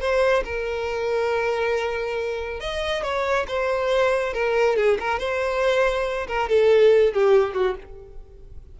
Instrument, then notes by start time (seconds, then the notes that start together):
violin
0.00 C5
0.44 A#4
2.60 D#5
3.03 C#5
3.48 C5
4.33 A#4
4.76 G#4
5.00 A#4
5.19 C5
6.27 A#4
6.49 A4
7.13 G4
7.54 F#4